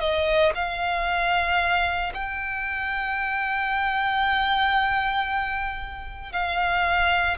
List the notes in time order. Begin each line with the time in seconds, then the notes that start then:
0.00 D#5
0.55 F5
2.14 G5
6.33 F5